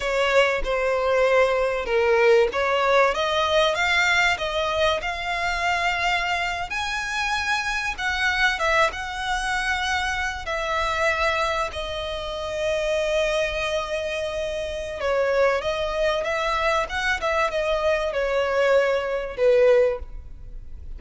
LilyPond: \new Staff \with { instrumentName = "violin" } { \time 4/4 \tempo 4 = 96 cis''4 c''2 ais'4 | cis''4 dis''4 f''4 dis''4 | f''2~ f''8. gis''4~ gis''16~ | gis''8. fis''4 e''8 fis''4.~ fis''16~ |
fis''8. e''2 dis''4~ dis''16~ | dis''1 | cis''4 dis''4 e''4 fis''8 e''8 | dis''4 cis''2 b'4 | }